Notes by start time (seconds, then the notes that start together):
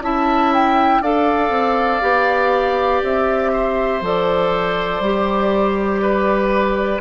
0.00 C#4 E4 E5 A5
0.54 G5
1.02 D4 A4 D5 F5
1.50 C4
2.02 B3 G4
3.02 C4 E5
3.52 C5
4.01 F3 A4 D5
5.00 G3 G4
6.02 B4